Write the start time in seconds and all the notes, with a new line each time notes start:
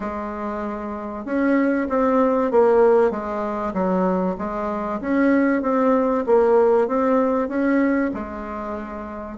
0.00 G#3
1.25 C#4
1.89 C4
2.51 A#3
3.10 G#3
3.73 F#3
4.38 G#3
5.01 C#4
5.61 C4
6.26 A#3
6.87 C4
7.48 C#4
8.14 G#3